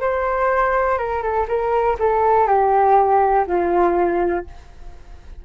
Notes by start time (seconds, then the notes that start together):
0.00 C5
0.98 A#4
1.22 A4
1.48 A#4
1.99 A4
2.47 G4
3.46 F4